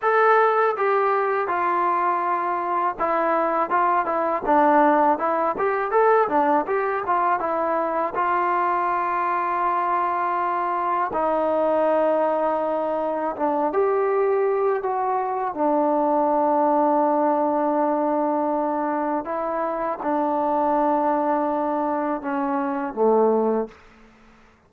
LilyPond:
\new Staff \with { instrumentName = "trombone" } { \time 4/4 \tempo 4 = 81 a'4 g'4 f'2 | e'4 f'8 e'8 d'4 e'8 g'8 | a'8 d'8 g'8 f'8 e'4 f'4~ | f'2. dis'4~ |
dis'2 d'8 g'4. | fis'4 d'2.~ | d'2 e'4 d'4~ | d'2 cis'4 a4 | }